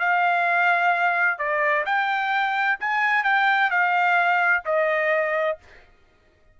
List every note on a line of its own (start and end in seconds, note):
0.00 1.39 F5
1.39 1.85 D5
1.86 2.79 G5
2.80 3.24 G#5
3.24 3.71 G5
3.71 4.64 F5
4.66 5.59 D#5